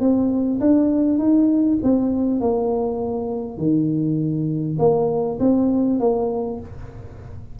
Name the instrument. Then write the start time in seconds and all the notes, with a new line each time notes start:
tuba
0.00 C4
0.60 D4
1.18 D#4
1.83 C4
2.40 A#3
3.58 D#3
4.79 A#3
5.39 C4
5.99 A#3